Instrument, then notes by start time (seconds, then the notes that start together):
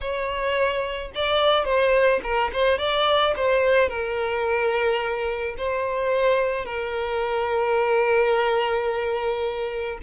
violin
0.00 C#5
1.14 D5
1.64 C5
2.23 A#4
2.52 C5
2.78 D5
3.36 C5
3.88 A#4
5.57 C5
6.65 A#4